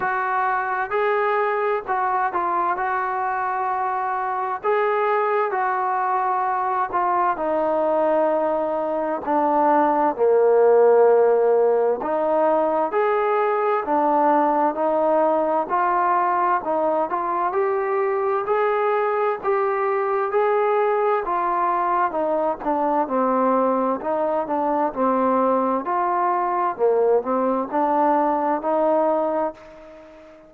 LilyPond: \new Staff \with { instrumentName = "trombone" } { \time 4/4 \tempo 4 = 65 fis'4 gis'4 fis'8 f'8 fis'4~ | fis'4 gis'4 fis'4. f'8 | dis'2 d'4 ais4~ | ais4 dis'4 gis'4 d'4 |
dis'4 f'4 dis'8 f'8 g'4 | gis'4 g'4 gis'4 f'4 | dis'8 d'8 c'4 dis'8 d'8 c'4 | f'4 ais8 c'8 d'4 dis'4 | }